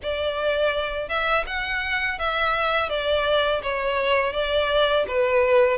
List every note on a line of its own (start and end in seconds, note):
0.03 1.08 D5
1.08 1.45 E5
1.46 2.18 F#5
2.18 2.89 E5
2.89 3.61 D5
3.62 4.32 C#5
4.32 5.05 D5
5.07 5.77 B4